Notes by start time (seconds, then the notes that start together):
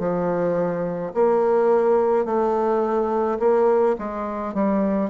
0.00 F3
1.14 A#3
2.25 A3
3.40 A#3
3.99 G#3
4.54 G3